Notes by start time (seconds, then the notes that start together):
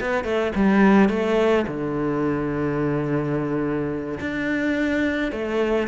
0.00 B3
0.24 A3
0.55 G3
1.09 A3
1.67 D3
4.20 D4
5.32 A3